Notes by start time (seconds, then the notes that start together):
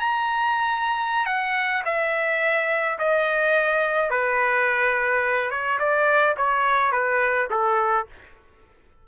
0.00 A#5
1.26 F#5
1.85 E5
2.99 D#5
4.10 B4
5.51 C#5
5.79 D5
6.37 C#5
6.92 B4
7.50 A4